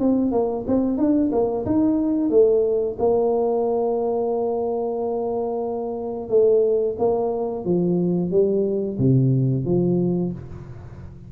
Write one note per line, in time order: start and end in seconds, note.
0.00 0.32 C4
0.32 0.65 A#3
0.67 0.98 C4
0.98 1.31 D4
1.32 1.65 A#3
1.66 2.30 D#4
2.30 2.97 A3
2.99 6.29 A#3
6.29 6.96 A3
6.98 7.65 A#3
7.65 8.31 F3
8.31 8.98 G3
8.98 9.65 C3
9.65 10.32 F3